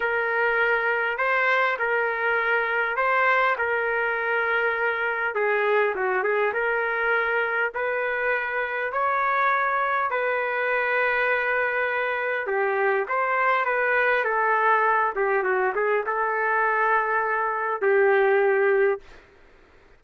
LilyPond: \new Staff \with { instrumentName = "trumpet" } { \time 4/4 \tempo 4 = 101 ais'2 c''4 ais'4~ | ais'4 c''4 ais'2~ | ais'4 gis'4 fis'8 gis'8 ais'4~ | ais'4 b'2 cis''4~ |
cis''4 b'2.~ | b'4 g'4 c''4 b'4 | a'4. g'8 fis'8 gis'8 a'4~ | a'2 g'2 | }